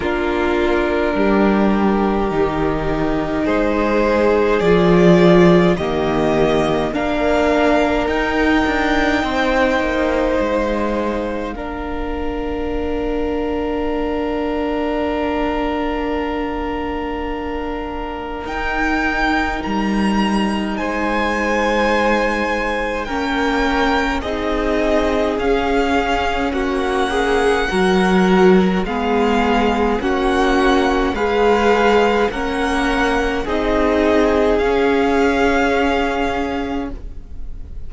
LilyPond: <<
  \new Staff \with { instrumentName = "violin" } { \time 4/4 \tempo 4 = 52 ais'2. c''4 | d''4 dis''4 f''4 g''4~ | g''4 f''2.~ | f''1 |
g''4 ais''4 gis''2 | g''4 dis''4 f''4 fis''4~ | fis''4 f''4 fis''4 f''4 | fis''4 dis''4 f''2 | }
  \new Staff \with { instrumentName = "violin" } { \time 4/4 f'4 g'2 gis'4~ | gis'4 g'4 ais'2 | c''2 ais'2~ | ais'1~ |
ais'2 c''2 | ais'4 gis'2 fis'8 gis'8 | ais'4 gis'4 fis'4 b'4 | ais'4 gis'2. | }
  \new Staff \with { instrumentName = "viola" } { \time 4/4 d'2 dis'2 | f'4 ais4 d'4 dis'4~ | dis'2 d'2~ | d'1 |
dis'1 | cis'4 dis'4 cis'2 | fis'4 b4 cis'4 gis'4 | cis'4 dis'4 cis'2 | }
  \new Staff \with { instrumentName = "cello" } { \time 4/4 ais4 g4 dis4 gis4 | f4 dis4 ais4 dis'8 d'8 | c'8 ais8 gis4 ais2~ | ais1 |
dis'4 g4 gis2 | ais4 c'4 cis'4 ais4 | fis4 gis4 ais4 gis4 | ais4 c'4 cis'2 | }
>>